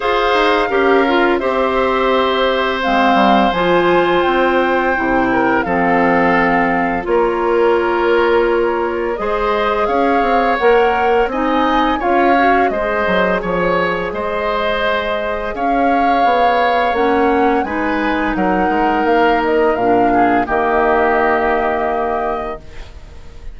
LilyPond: <<
  \new Staff \with { instrumentName = "flute" } { \time 4/4 \tempo 4 = 85 f''2 e''2 | f''4 gis''4 g''2 | f''2 cis''2~ | cis''4 dis''4 f''4 fis''4 |
gis''4 f''4 dis''4 cis''4 | dis''2 f''2 | fis''4 gis''4 fis''4 f''8 dis''8 | f''4 dis''2. | }
  \new Staff \with { instrumentName = "oboe" } { \time 4/4 c''4 ais'4 c''2~ | c''2.~ c''8 ais'8 | a'2 ais'2~ | ais'4 c''4 cis''2 |
dis''4 cis''4 c''4 cis''4 | c''2 cis''2~ | cis''4 b'4 ais'2~ | ais'8 gis'8 g'2. | }
  \new Staff \with { instrumentName = "clarinet" } { \time 4/4 gis'4 g'8 f'8 g'2 | c'4 f'2 e'4 | c'2 f'2~ | f'4 gis'2 ais'4 |
dis'4 f'8 fis'8 gis'2~ | gis'1 | cis'4 dis'2. | d'4 ais2. | }
  \new Staff \with { instrumentName = "bassoon" } { \time 4/4 f'8 dis'8 cis'4 c'2 | gis8 g8 f4 c'4 c4 | f2 ais2~ | ais4 gis4 cis'8 c'8 ais4 |
c'4 cis'4 gis8 fis8 f4 | gis2 cis'4 b4 | ais4 gis4 fis8 gis8 ais4 | ais,4 dis2. | }
>>